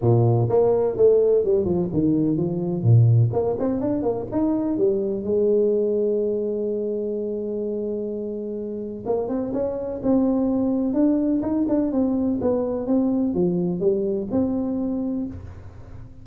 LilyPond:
\new Staff \with { instrumentName = "tuba" } { \time 4/4 \tempo 4 = 126 ais,4 ais4 a4 g8 f8 | dis4 f4 ais,4 ais8 c'8 | d'8 ais8 dis'4 g4 gis4~ | gis1~ |
gis2. ais8 c'8 | cis'4 c'2 d'4 | dis'8 d'8 c'4 b4 c'4 | f4 g4 c'2 | }